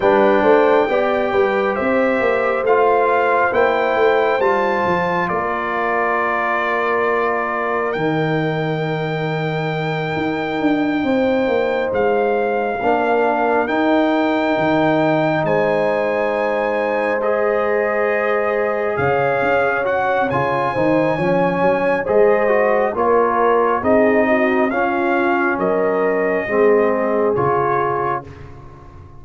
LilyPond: <<
  \new Staff \with { instrumentName = "trumpet" } { \time 4/4 \tempo 4 = 68 g''2 e''4 f''4 | g''4 a''4 d''2~ | d''4 g''2.~ | g''4. f''2 g''8~ |
g''4. gis''2 dis''8~ | dis''4. f''4 fis''8 gis''4~ | gis''4 dis''4 cis''4 dis''4 | f''4 dis''2 cis''4 | }
  \new Staff \with { instrumentName = "horn" } { \time 4/4 b'8 c''8 d''8 b'8 c''2~ | c''2 ais'2~ | ais'1~ | ais'8 c''2 ais'4.~ |
ais'4. c''2~ c''8~ | c''4. cis''2 c''8 | cis''4 c''4 ais'4 gis'8 fis'8 | f'4 ais'4 gis'2 | }
  \new Staff \with { instrumentName = "trombone" } { \time 4/4 d'4 g'2 f'4 | e'4 f'2.~ | f'4 dis'2.~ | dis'2~ dis'8 d'4 dis'8~ |
dis'2.~ dis'8 gis'8~ | gis'2~ gis'8 fis'8 f'8 dis'8 | cis'4 gis'8 fis'8 f'4 dis'4 | cis'2 c'4 f'4 | }
  \new Staff \with { instrumentName = "tuba" } { \time 4/4 g8 a8 b8 g8 c'8 ais8 a4 | ais8 a8 g8 f8 ais2~ | ais4 dis2~ dis8 dis'8 | d'8 c'8 ais8 gis4 ais4 dis'8~ |
dis'8 dis4 gis2~ gis8~ | gis4. cis8 cis'4 cis8 dis8 | f8 fis8 gis4 ais4 c'4 | cis'4 fis4 gis4 cis4 | }
>>